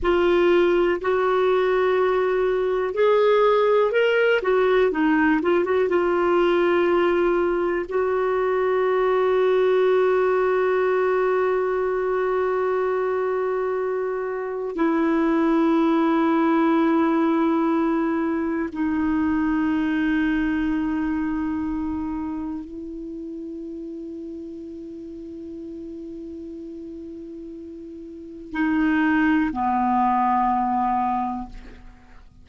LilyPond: \new Staff \with { instrumentName = "clarinet" } { \time 4/4 \tempo 4 = 61 f'4 fis'2 gis'4 | ais'8 fis'8 dis'8 f'16 fis'16 f'2 | fis'1~ | fis'2. e'4~ |
e'2. dis'4~ | dis'2. e'4~ | e'1~ | e'4 dis'4 b2 | }